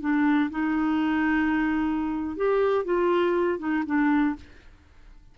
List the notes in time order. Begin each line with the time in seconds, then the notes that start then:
0.00 D4
0.50 D#4
2.36 G4
2.85 F4
3.59 D#4
3.86 D4